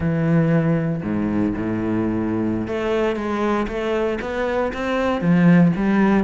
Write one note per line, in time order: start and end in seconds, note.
0.00 1.01 E3
1.03 1.53 G#2
1.56 2.67 A2
2.67 3.16 A3
3.16 3.67 G#3
3.67 4.18 A3
4.21 4.72 B3
4.73 5.21 C4
5.21 5.72 F3
5.76 6.24 G3